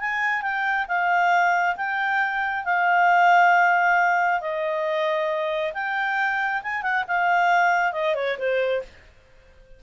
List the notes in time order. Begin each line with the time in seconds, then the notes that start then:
0.00 G#5
0.42 G5
0.88 F5
1.76 G5
2.65 F5
4.41 D#5
5.74 G5
6.63 G#5
6.83 F#5
7.08 F5
7.93 D#5
8.15 C#5
8.38 C5